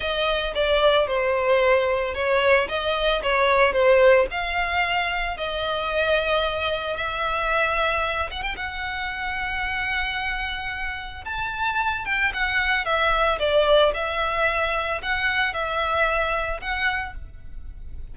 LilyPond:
\new Staff \with { instrumentName = "violin" } { \time 4/4 \tempo 4 = 112 dis''4 d''4 c''2 | cis''4 dis''4 cis''4 c''4 | f''2 dis''2~ | dis''4 e''2~ e''8 fis''16 g''16 |
fis''1~ | fis''4 a''4. g''8 fis''4 | e''4 d''4 e''2 | fis''4 e''2 fis''4 | }